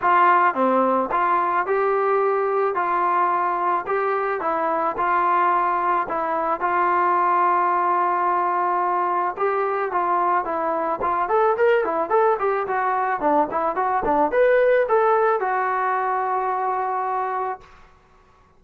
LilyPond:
\new Staff \with { instrumentName = "trombone" } { \time 4/4 \tempo 4 = 109 f'4 c'4 f'4 g'4~ | g'4 f'2 g'4 | e'4 f'2 e'4 | f'1~ |
f'4 g'4 f'4 e'4 | f'8 a'8 ais'8 e'8 a'8 g'8 fis'4 | d'8 e'8 fis'8 d'8 b'4 a'4 | fis'1 | }